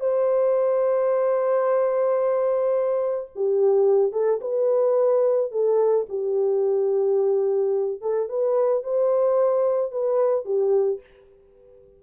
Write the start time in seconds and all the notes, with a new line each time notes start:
0.00 C5
3.35 G4
4.12 A4
4.41 B4
5.51 A4
6.09 G4
8.01 A4
8.29 B4
8.83 C5
9.91 B4
10.45 G4